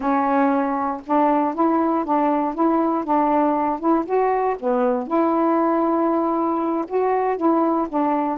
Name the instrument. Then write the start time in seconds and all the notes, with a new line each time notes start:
saxophone
0.00 C#4
1.06 D4
1.54 E4
2.05 D4
2.54 E4
3.04 D4
3.79 E4
4.05 F#4
4.59 B3
5.07 E4
6.87 F#4
7.36 E4
7.88 D4